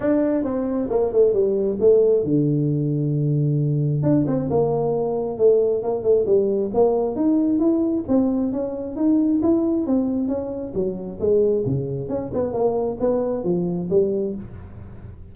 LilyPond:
\new Staff \with { instrumentName = "tuba" } { \time 4/4 \tempo 4 = 134 d'4 c'4 ais8 a8 g4 | a4 d2.~ | d4 d'8 c'8 ais2 | a4 ais8 a8 g4 ais4 |
dis'4 e'4 c'4 cis'4 | dis'4 e'4 c'4 cis'4 | fis4 gis4 cis4 cis'8 b8 | ais4 b4 f4 g4 | }